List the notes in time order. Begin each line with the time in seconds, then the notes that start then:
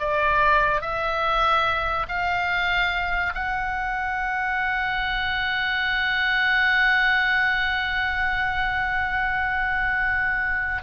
0.00 D5
0.81 E5
2.08 F5
3.35 F#5